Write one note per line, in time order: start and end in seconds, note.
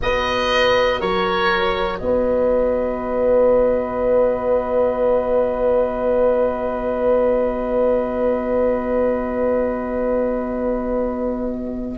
0.01 1.00 B3
0.01 11.98 F#4
0.01 1.00 B4
0.01 1.00 D#5
1.00 2.00 F#3
1.00 2.00 A#4
1.00 1.98 C#5
1.98 11.98 B3
1.98 11.98 B4
1.98 11.98 D#5